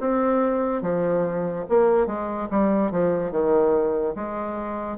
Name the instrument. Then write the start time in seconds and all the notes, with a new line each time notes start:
bassoon
0.00 C4
0.82 F3
1.69 A#3
2.06 G#3
2.50 G3
2.91 F3
3.31 D#3
4.15 G#3